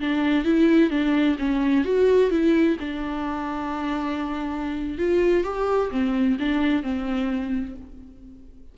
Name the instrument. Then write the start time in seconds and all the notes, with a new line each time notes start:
viola
0.00 D4
0.44 E4
0.90 D4
1.38 C#4
1.84 F#4
2.30 E4
2.80 D4
4.98 F4
5.44 G4
5.91 C4
6.39 D4
6.82 C4